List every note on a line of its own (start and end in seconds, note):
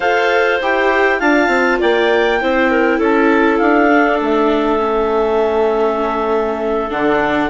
0.00 0.59 F4
0.00 0.61 A4
0.00 1.19 C5
0.00 0.60 F5
0.61 1.21 E4
0.61 1.19 G4
0.61 1.20 G5
1.19 1.48 D4
1.19 2.39 F4
1.19 1.79 F5
1.19 1.80 A5
1.48 1.78 C4
1.80 2.42 A#3
1.80 2.40 D5
1.80 3.00 G5
2.40 2.99 C4
2.40 3.90 E4
2.40 2.71 C5
2.71 2.98 A#4
2.98 3.59 C#4
2.98 7.48 A4
2.98 3.58 A5
3.58 4.21 D4
3.58 4.18 F5
3.90 4.78 D4
4.21 6.91 A3
4.21 6.91 E5
4.78 6.88 C#4
6.90 7.49 D3
6.90 7.49 D4
6.90 7.49 F#5